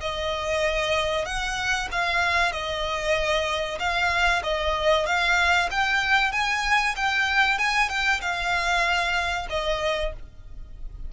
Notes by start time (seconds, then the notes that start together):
0.00 D#5
1.25 F#5
1.91 F5
2.52 D#5
3.79 F5
4.43 D#5
5.06 F5
5.71 G5
6.32 G#5
6.96 G5
7.58 G#5
7.89 G5
8.21 F5
9.49 D#5